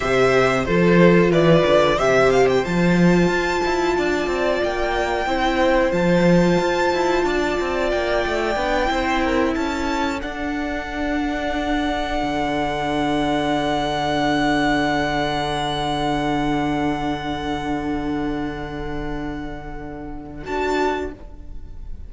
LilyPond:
<<
  \new Staff \with { instrumentName = "violin" } { \time 4/4 \tempo 4 = 91 e''4 c''4 d''4 e''8 f''16 g''16 | a''2. g''4~ | g''4 a''2. | g''2~ g''8 a''4 fis''8~ |
fis''1~ | fis''1~ | fis''1~ | fis''2. a''4 | }
  \new Staff \with { instrumentName = "violin" } { \time 4/4 c''4 a'4 b'4 c''4~ | c''2 d''2 | c''2. d''4~ | d''4. c''8 ais'8 a'4.~ |
a'1~ | a'1~ | a'1~ | a'1 | }
  \new Staff \with { instrumentName = "viola" } { \time 4/4 g'4 f'2 g'4 | f'1 | e'4 f'2.~ | f'4 d'8 e'2 d'8~ |
d'1~ | d'1~ | d'1~ | d'2. fis'4 | }
  \new Staff \with { instrumentName = "cello" } { \time 4/4 c4 f4 e8 d8 c4 | f4 f'8 e'8 d'8 c'8 ais4 | c'4 f4 f'8 e'8 d'8 c'8 | ais8 a8 b8 c'4 cis'4 d'8~ |
d'2~ d'8 d4.~ | d1~ | d1~ | d2. d'4 | }
>>